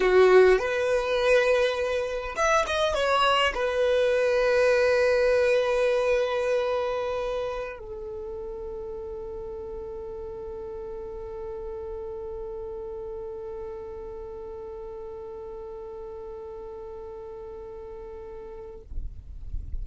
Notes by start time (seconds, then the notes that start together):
0.00 F#4
0.59 B4
2.36 E5
2.66 D#5
2.94 C#5
3.54 B4
7.79 A4